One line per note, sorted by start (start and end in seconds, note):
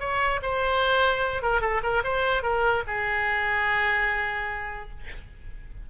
0.00 0.41 C#5
0.42 1.42 C5
1.42 1.61 A#4
1.61 1.82 A4
1.83 2.03 A#4
2.04 2.43 C5
2.43 2.83 A#4
2.87 4.90 G#4